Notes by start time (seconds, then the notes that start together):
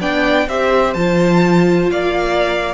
0.00 B3 D4 D5 G5
0.47 C4 G4 C5 E5
0.94 F3 F4 A5
1.91 A#3 D5 F5